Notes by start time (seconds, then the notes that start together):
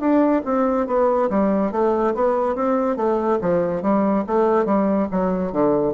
0.00 D4
0.45 C4
0.87 B3
1.30 G3
1.72 A3
2.15 B3
2.55 C4
2.97 A3
3.41 F3
3.82 G3
4.27 A3
4.66 G3
5.11 F#3
5.52 D3